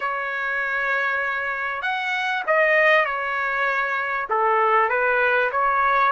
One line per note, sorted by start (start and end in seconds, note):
0.00 1.82 C#5
1.82 2.43 F#5
2.46 3.05 D#5
3.05 4.27 C#5
4.29 4.89 A4
4.89 5.50 B4
5.51 6.12 C#5